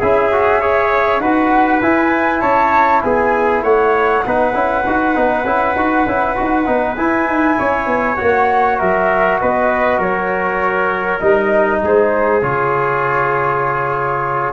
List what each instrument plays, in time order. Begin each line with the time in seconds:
0.00 tuba C#4, trombone E4, trumpet G#4, flute E5
0.32 trombone F#4
0.60 trombone G#4, trumpet C#5
1.20 tuba D#4, trombone F#4, trumpet B4, flute F#5
1.82 tuba E4, trombone E4, flute G#5
2.40 tuba C#4, trumpet C#5, flute A5
3.02 tuba B3, trumpet G#4, flute G#5
3.63 tuba A3, trumpet C#5, flute F#5
4.26 tuba B3, trombone D#4, trumpet B4
4.54 tuba C#4, trombone E4
4.86 tuba D#4, trombone F#4
5.15 tuba B3, trombone D#4
5.44 tuba C#4, trombone E4
5.76 tuba D#4, trombone F#4
6.06 tuba C#4, trombone E4
6.36 tuba D#4, trombone F#4
6.66 tuba B3, trombone D#4
6.96 trombone E4, tuba E4, flute G#5
7.26 tuba D#4
7.58 tuba C#4, trumpet C#5
7.86 tuba B3
8.15 trombone F#4, flute F#5
8.21 tuba A#3
8.79 tuba F#3, trumpet A#4, flute E5
9.40 tuba B3, trumpet B4, flute D#5
9.98 tuba F#3, trumpet A#4, flute C#5
11.19 tuba G3, trombone D#4, flute D#5
11.83 tuba G#3, trumpet G#4, flute C5
12.41 tuba C#3, trombone F4, flute C#5